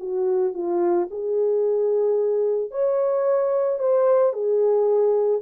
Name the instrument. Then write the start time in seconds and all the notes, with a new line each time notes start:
horn
0.00 F#4
0.54 F4
1.11 G#4
2.71 C#5
3.79 C5
4.33 G#4